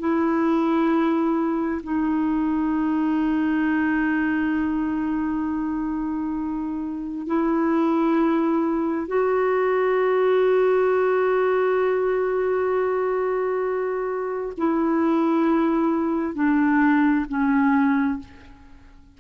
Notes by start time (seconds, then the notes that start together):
0.00 E4
1.83 D#4
7.27 E4
9.08 F#4
14.58 E4
16.35 D4
17.29 C#4